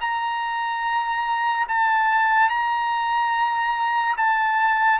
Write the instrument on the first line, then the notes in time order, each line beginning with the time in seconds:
trumpet
0.00 A#5
1.68 A5
2.49 A#5
4.16 A5